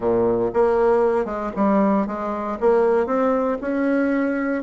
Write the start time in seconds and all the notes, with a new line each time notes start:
0.00 A#2
0.53 A#3
1.25 G#3
1.56 G3
2.06 G#3
2.60 A#3
3.06 C4
3.61 C#4